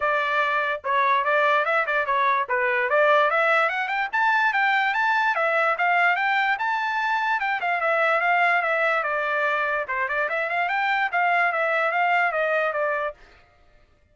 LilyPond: \new Staff \with { instrumentName = "trumpet" } { \time 4/4 \tempo 4 = 146 d''2 cis''4 d''4 | e''8 d''8 cis''4 b'4 d''4 | e''4 fis''8 g''8 a''4 g''4 | a''4 e''4 f''4 g''4 |
a''2 g''8 f''8 e''4 | f''4 e''4 d''2 | c''8 d''8 e''8 f''8 g''4 f''4 | e''4 f''4 dis''4 d''4 | }